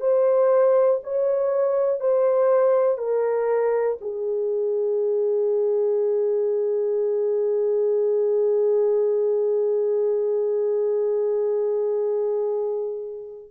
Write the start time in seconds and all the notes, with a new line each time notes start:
0.00 C5
1.04 C#5
2.00 C5
2.98 A#4
4.01 G#4